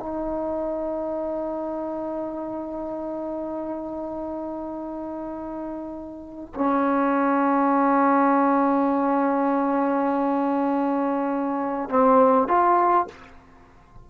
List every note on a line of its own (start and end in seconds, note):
0.00 6.53 D#4
6.55 11.89 C#4
11.89 12.48 C4
12.48 13.07 F4